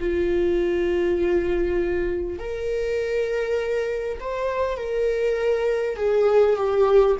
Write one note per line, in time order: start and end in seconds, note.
0.00 2.39 F4
2.39 4.19 A#4
4.20 4.78 C5
4.78 5.97 A#4
5.97 6.56 G#4
6.56 7.16 G4